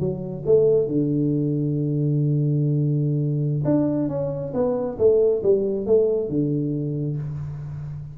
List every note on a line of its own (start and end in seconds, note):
0.00 0.44 F#3
0.46 0.88 A3
0.88 3.64 D3
3.65 4.09 D4
4.09 4.53 C#4
4.54 4.98 B3
4.98 5.42 A3
5.43 5.86 G3
5.86 6.29 A3
6.29 7.18 D3